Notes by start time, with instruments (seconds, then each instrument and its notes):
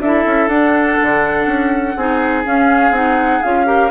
0.00 bassoon D4, clarinet E4, oboe A4, flute E5
0.26 bassoon C#4
0.47 bassoon D4, clarinet D4, flute F#5
1.01 bassoon D3
1.45 bassoon C#4
1.96 bassoon C4, clarinet D#4, oboe G#4
2.44 clarinet C#4, bassoon C#4, flute F5
2.90 bassoon C4, clarinet D#4, flute F#5
3.42 bassoon C#4, clarinet F4, flute F5
3.65 clarinet G4, oboe A#4